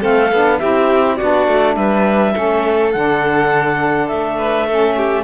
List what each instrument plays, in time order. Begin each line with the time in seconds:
0.00 cello A3, saxophone C4, violin A4, clarinet F5
0.32 cello B3, saxophone D4
0.58 cello C4, saxophone E4, violin G4, clarinet E5
1.16 cello B3, saxophone D4, violin F#4, clarinet D5
1.47 cello A3
1.75 cello G3, violin B4, clarinet E5
2.33 cello A3, saxophone C#4, violin A4
2.91 cello D3, saxophone D4, clarinet F#5
4.07 cello A3, clarinet E5
4.37 violin B4
4.66 saxophone C#4, violin A4
4.97 violin G4